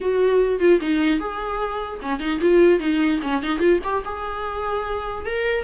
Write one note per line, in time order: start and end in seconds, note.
0.00 0.59 F#4
0.59 0.79 F4
0.80 1.19 D#4
1.19 2.00 G#4
2.01 2.19 C#4
2.19 2.39 D#4
2.41 2.79 F4
2.79 3.20 D#4
3.22 3.42 C#4
3.42 3.59 D#4
3.59 3.79 F4
3.83 4.03 G4
4.05 5.25 G#4
5.25 5.64 A#4